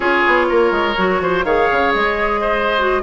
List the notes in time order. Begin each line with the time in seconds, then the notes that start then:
0.00 C#4 F4 G#4 C#5
0.26 B3
0.49 A#3 A#4
0.71 G#3
0.96 F#3 F#4
1.20 F3 C5
1.44 D#3 G#4 C#5 F5
1.71 C#3
1.93 G#3 D#5
2.40 C5
2.78 F#4